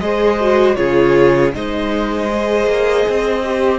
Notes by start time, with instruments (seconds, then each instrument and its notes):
0.00 cello G#3, viola G#4, violin C5 D#5
0.41 viola F#4
0.76 cello C#3, viola F4, violin G#4 C#5
1.54 cello G#3, viola D#4, violin C5 D#5
2.29 viola G#4
2.66 cello A#3
3.09 cello C4
3.44 viola G4